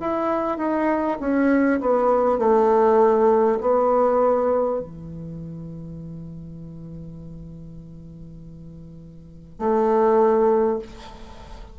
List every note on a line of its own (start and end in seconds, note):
0.00 0.57 E4
0.57 1.17 D#4
1.20 1.80 C#4
1.81 2.38 B3
2.38 3.58 A3
3.61 4.80 B3
4.80 9.59 E3
9.59 10.79 A3